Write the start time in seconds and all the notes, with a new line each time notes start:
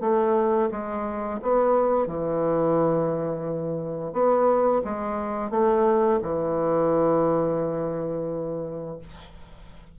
0.00 A3
0.71 G#3
1.42 B3
2.06 E3
4.12 B3
4.84 G#3
5.50 A3
6.22 E3